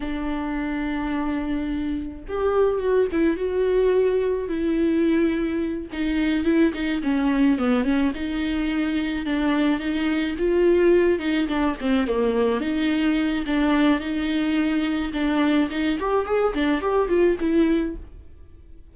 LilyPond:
\new Staff \with { instrumentName = "viola" } { \time 4/4 \tempo 4 = 107 d'1 | g'4 fis'8 e'8 fis'2 | e'2~ e'8 dis'4 e'8 | dis'8 cis'4 b8 cis'8 dis'4.~ |
dis'8 d'4 dis'4 f'4. | dis'8 d'8 c'8 ais4 dis'4. | d'4 dis'2 d'4 | dis'8 g'8 gis'8 d'8 g'8 f'8 e'4 | }